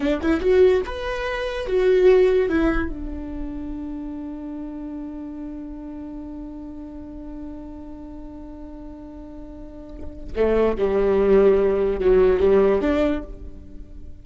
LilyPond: \new Staff \with { instrumentName = "viola" } { \time 4/4 \tempo 4 = 145 d'8 e'8 fis'4 b'2 | fis'2 e'4 d'4~ | d'1~ | d'1~ |
d'1~ | d'1~ | d'4 a4 g2~ | g4 fis4 g4 d'4 | }